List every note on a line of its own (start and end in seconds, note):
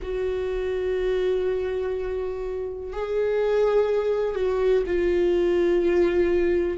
0.02 2.93 F#4
2.93 4.35 G#4
4.35 4.83 F#4
4.86 6.77 F4